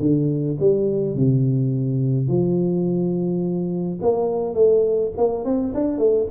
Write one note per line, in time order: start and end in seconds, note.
0.00 0.57 D3
0.60 1.15 G3
1.15 2.28 C3
2.28 3.99 F3
4.02 4.54 A#3
4.54 5.11 A3
5.17 5.45 A#3
5.45 5.73 C4
5.74 5.98 D4
5.98 6.26 A3